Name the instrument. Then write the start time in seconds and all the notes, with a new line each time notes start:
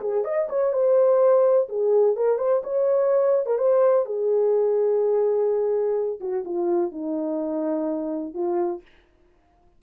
horn
0.00 G#4
0.24 D#5
0.49 C#5
0.72 C5
1.69 G#4
2.15 A#4
2.38 C5
2.63 C#5
3.46 A#4
3.58 C5
4.05 G#4
6.20 F#4
6.45 F4
6.91 D#4
8.34 F4